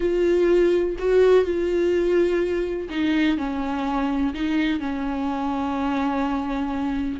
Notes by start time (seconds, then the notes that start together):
0.00 F4
0.98 F#4
1.44 F4
2.89 D#4
3.37 C#4
4.34 D#4
4.80 C#4